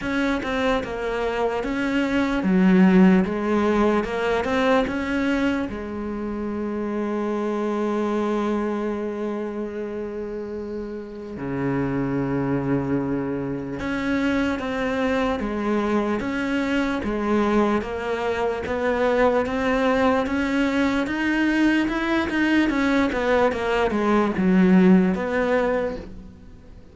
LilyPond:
\new Staff \with { instrumentName = "cello" } { \time 4/4 \tempo 4 = 74 cis'8 c'8 ais4 cis'4 fis4 | gis4 ais8 c'8 cis'4 gis4~ | gis1~ | gis2 cis2~ |
cis4 cis'4 c'4 gis4 | cis'4 gis4 ais4 b4 | c'4 cis'4 dis'4 e'8 dis'8 | cis'8 b8 ais8 gis8 fis4 b4 | }